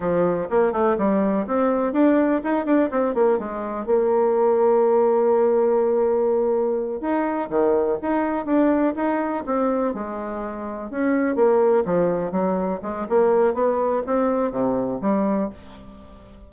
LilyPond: \new Staff \with { instrumentName = "bassoon" } { \time 4/4 \tempo 4 = 124 f4 ais8 a8 g4 c'4 | d'4 dis'8 d'8 c'8 ais8 gis4 | ais1~ | ais2~ ais8 dis'4 dis8~ |
dis8 dis'4 d'4 dis'4 c'8~ | c'8 gis2 cis'4 ais8~ | ais8 f4 fis4 gis8 ais4 | b4 c'4 c4 g4 | }